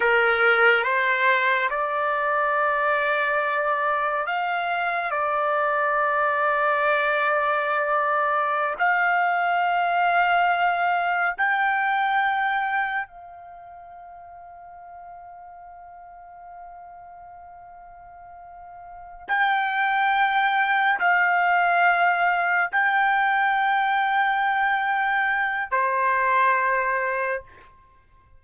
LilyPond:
\new Staff \with { instrumentName = "trumpet" } { \time 4/4 \tempo 4 = 70 ais'4 c''4 d''2~ | d''4 f''4 d''2~ | d''2~ d''16 f''4.~ f''16~ | f''4~ f''16 g''2 f''8.~ |
f''1~ | f''2~ f''8 g''4.~ | g''8 f''2 g''4.~ | g''2 c''2 | }